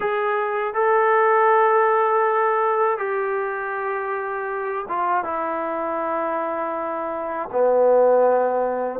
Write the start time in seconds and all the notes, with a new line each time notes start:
0.00 G#4
0.74 A4
2.98 G4
4.88 F4
5.24 E4
7.51 B3